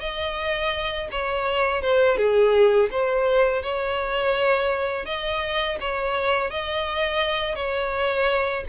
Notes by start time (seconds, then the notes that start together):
0.00 D#5
1.11 C#5
1.82 C5
2.17 G#4
2.91 C5
3.62 C#5
5.06 D#5
5.80 C#5
6.50 D#5
7.55 C#5